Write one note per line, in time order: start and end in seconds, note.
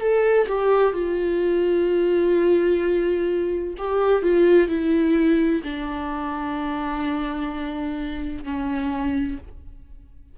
0.00 0.47 A4
0.48 0.93 G4
0.93 3.75 F4
3.78 4.23 G4
4.23 4.69 F4
4.69 5.62 E4
5.63 8.44 D4
8.44 9.38 C#4